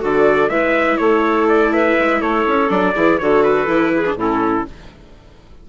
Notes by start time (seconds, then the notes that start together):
0.00 D3 F#4 A4 D5
0.49 G#3 E4 B4 E5
0.97 A3 A4 C#5
1.49 D5
1.73 B4 E5
1.99 G#3
2.21 A3 A4 C#5
2.47 C#4
2.68 F#3 D4 D5
2.95 E3 E4 G#4
3.18 D3 F#4 A4 C#5
3.43 B4
3.67 E3 E4
3.95 G#4
4.06 D4
4.15 A2 C#4 E4 A4